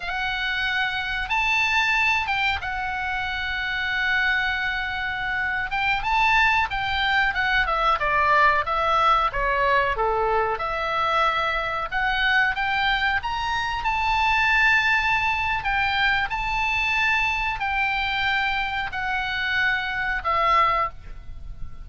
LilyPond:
\new Staff \with { instrumentName = "oboe" } { \time 4/4 \tempo 4 = 92 fis''2 a''4. g''8 | fis''1~ | fis''8. g''8 a''4 g''4 fis''8 e''16~ | e''16 d''4 e''4 cis''4 a'8.~ |
a'16 e''2 fis''4 g''8.~ | g''16 ais''4 a''2~ a''8. | g''4 a''2 g''4~ | g''4 fis''2 e''4 | }